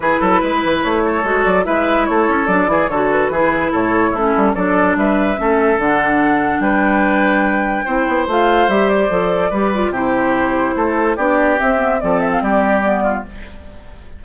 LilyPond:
<<
  \new Staff \with { instrumentName = "flute" } { \time 4/4 \tempo 4 = 145 b'2 cis''4. d''8 | e''4 cis''4 d''4 cis''8 b'8~ | b'4 cis''4 a'4 d''4 | e''2 fis''2 |
g''1 | f''4 e''8 d''2~ d''8 | c''2. d''4 | e''4 d''8 e''16 f''16 d''2 | }
  \new Staff \with { instrumentName = "oboe" } { \time 4/4 gis'8 a'8 b'4. a'4. | b'4 a'4. gis'8 a'4 | gis'4 a'4 e'4 a'4 | b'4 a'2. |
b'2. c''4~ | c''2. b'4 | g'2 a'4 g'4~ | g'4 a'4 g'4. f'8 | }
  \new Staff \with { instrumentName = "clarinet" } { \time 4/4 e'2. fis'4 | e'2 d'8 e'8 fis'4 | e'2 cis'4 d'4~ | d'4 cis'4 d'2~ |
d'2. e'4 | f'4 g'4 a'4 g'8 f'8 | e'2. d'4 | c'8 b8 c'2 b4 | }
  \new Staff \with { instrumentName = "bassoon" } { \time 4/4 e8 fis8 gis8 e8 a4 gis8 fis8 | gis4 a8 cis'8 fis8 e8 d4 | e4 a,4 a8 g8 fis4 | g4 a4 d2 |
g2. c'8 b8 | a4 g4 f4 g4 | c2 a4 b4 | c'4 f4 g2 | }
>>